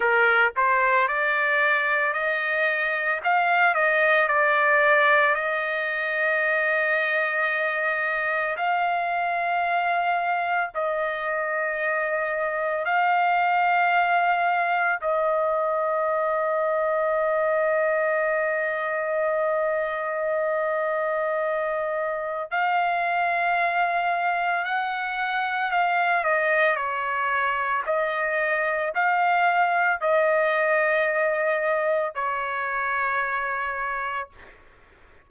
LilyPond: \new Staff \with { instrumentName = "trumpet" } { \time 4/4 \tempo 4 = 56 ais'8 c''8 d''4 dis''4 f''8 dis''8 | d''4 dis''2. | f''2 dis''2 | f''2 dis''2~ |
dis''1~ | dis''4 f''2 fis''4 | f''8 dis''8 cis''4 dis''4 f''4 | dis''2 cis''2 | }